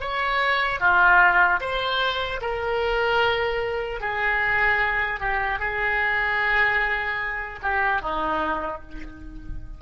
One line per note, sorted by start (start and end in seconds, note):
0.00 0.80 C#5
0.80 1.60 F4
1.60 2.40 C5
2.41 4.00 A#4
4.00 5.20 G#4
5.20 5.59 G4
5.59 7.59 G#4
7.62 8.01 G4
8.01 8.81 D#4